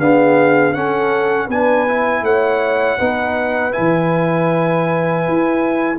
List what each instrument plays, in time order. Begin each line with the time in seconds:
0.00 trombone B3, tuba D4, horn G#4, trumpet F5
0.73 tuba C#4, trombone C#4, horn A4, trumpet F#5
1.47 tuba B3, trombone D4, horn B4, trumpet G#5
1.88 trombone E4
2.23 tuba A3, horn C#5, trumpet F#5
2.99 tuba B3, trombone D#4, horn B4
3.72 trombone E4, trumpet G#5
3.79 tuba E3
5.28 tuba E4